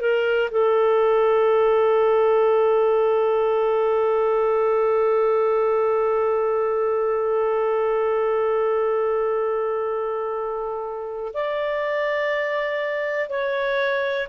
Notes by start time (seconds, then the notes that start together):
0.00 A#4
0.51 A4
11.33 D5
13.29 C#5